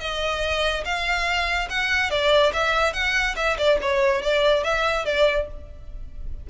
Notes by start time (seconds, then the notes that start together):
0.00 D#5
0.85 F5
1.70 F#5
2.11 D5
2.53 E5
2.93 F#5
3.36 E5
3.58 D5
3.82 C#5
4.22 D5
4.64 E5
5.05 D5